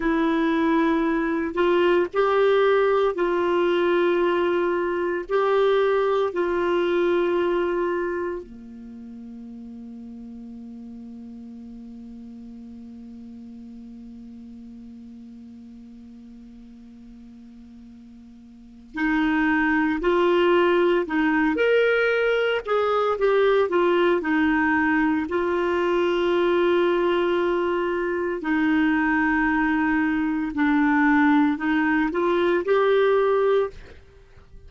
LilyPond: \new Staff \with { instrumentName = "clarinet" } { \time 4/4 \tempo 4 = 57 e'4. f'8 g'4 f'4~ | f'4 g'4 f'2 | ais1~ | ais1~ |
ais2 dis'4 f'4 | dis'8 ais'4 gis'8 g'8 f'8 dis'4 | f'2. dis'4~ | dis'4 d'4 dis'8 f'8 g'4 | }